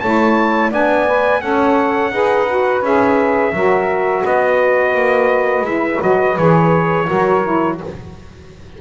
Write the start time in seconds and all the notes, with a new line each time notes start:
0.00 A3 E4 C#5 A5
0.70 B3 D4 D5 G#5
1.07 B4
1.41 C#4 A4 C#5 F#5
2.12 D#4 G#4 B4
2.48 F#4
2.82 C#4 G#4 E5
3.53 F#3 F#4 A#4
4.23 B3 B4 D#5
4.95 A#3
5.62 G#3 E4 E5
6.00 F#3 F#4 D#5
6.38 E3 G#4 C#5
7.06 F#3 F#4 A#4
7.44 E4